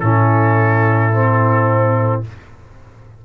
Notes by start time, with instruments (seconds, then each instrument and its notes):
0.00 tuba A2, trombone C#4, horn E4, trumpet A4
1.13 trombone C4